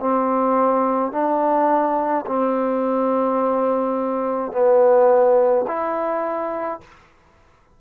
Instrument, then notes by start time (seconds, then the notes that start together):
trombone
0.00 C4
1.12 D4
2.26 C4
4.52 B3
5.67 E4